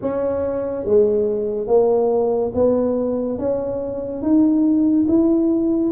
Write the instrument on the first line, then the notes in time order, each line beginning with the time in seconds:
tuba
0.01 C#4
0.85 G#3
1.67 A#3
2.54 B3
3.38 C#4
4.21 D#4
5.08 E4